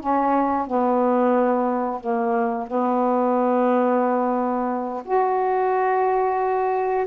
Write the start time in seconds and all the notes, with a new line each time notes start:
0.00 C#4
0.67 B3
2.01 A#3
2.67 B3
5.05 F#4